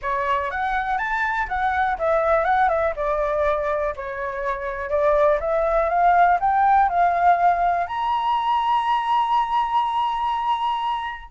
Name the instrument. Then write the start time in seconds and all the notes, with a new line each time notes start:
flute
0.02 C#5
0.50 F#5
0.98 A5
1.48 F#5
1.98 E5
2.44 F#5
2.68 E5
2.96 D5
3.96 C#5
4.89 D5
5.40 E5
5.89 F5
6.40 G5
6.89 F5
7.86 A#5